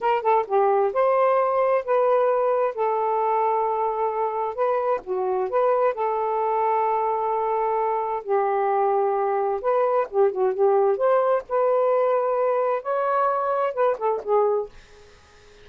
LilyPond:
\new Staff \with { instrumentName = "saxophone" } { \time 4/4 \tempo 4 = 131 ais'8 a'8 g'4 c''2 | b'2 a'2~ | a'2 b'4 fis'4 | b'4 a'2.~ |
a'2 g'2~ | g'4 b'4 g'8 fis'8 g'4 | c''4 b'2. | cis''2 b'8 a'8 gis'4 | }